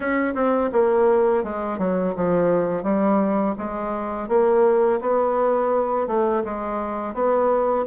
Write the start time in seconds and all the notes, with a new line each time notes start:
0.00 C#4
0.34 C4
0.72 A#3
1.43 G#3
1.78 F#3
2.15 F3
2.83 G3
3.57 G#3
4.28 A#3
5.00 B3
6.07 A3
6.44 G#3
7.14 B3